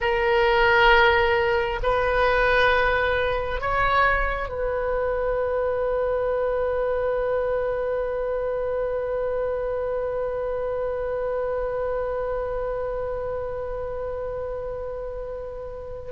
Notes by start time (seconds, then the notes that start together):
0.00 A#4
1.82 B4
3.60 C#5
4.49 B4